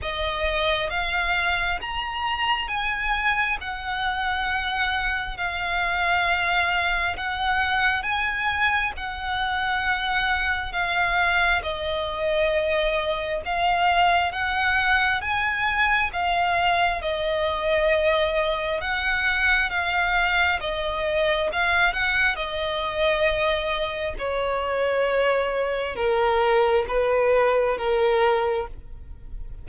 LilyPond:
\new Staff \with { instrumentName = "violin" } { \time 4/4 \tempo 4 = 67 dis''4 f''4 ais''4 gis''4 | fis''2 f''2 | fis''4 gis''4 fis''2 | f''4 dis''2 f''4 |
fis''4 gis''4 f''4 dis''4~ | dis''4 fis''4 f''4 dis''4 | f''8 fis''8 dis''2 cis''4~ | cis''4 ais'4 b'4 ais'4 | }